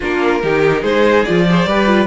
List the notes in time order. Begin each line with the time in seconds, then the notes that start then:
0.00 A#3 D4 F4 A#4
0.43 D#3 D#4 G4
0.82 G#3 G#4 C5
1.23 F3 F4 D5
1.48 G#4 C5
1.66 G3 G4 B4
1.86 F4